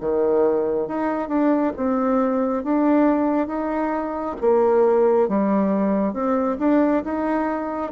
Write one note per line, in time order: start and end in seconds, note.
0.00 0.87 D#3
0.87 1.28 D#4
1.28 1.72 D4
1.76 2.64 C4
2.64 3.47 D4
3.47 4.36 D#4
4.41 5.28 A#3
5.28 6.13 G3
6.13 6.57 C4
6.59 7.03 D4
7.04 7.91 D#4